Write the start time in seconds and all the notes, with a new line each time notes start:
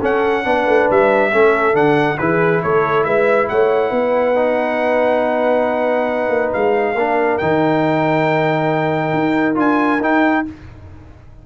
0.00 C#4 A4 F#5
0.44 B3 D4 B4
0.66 A3
0.90 G3 E5
1.31 A3 C#4 A4
1.74 D3 D4 F#5
2.18 E3 E4 G#4 B4
2.62 A3 A4 C#5
3.04 G#3 B4 E5
3.49 A3 C#5 F#5
3.90 B3 B4
4.35 D#4
6.29 A#3
6.53 G#3 F5
6.94 A#3 D4 A#4
7.38 D#3 D#4 G5
9.13 D#4
9.55 D4 F4 G#5
10.00 D#4 G5